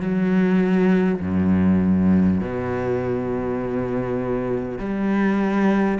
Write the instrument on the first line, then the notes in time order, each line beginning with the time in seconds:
cello
0.00 F#3
1.21 F#2
2.41 B2
4.79 G3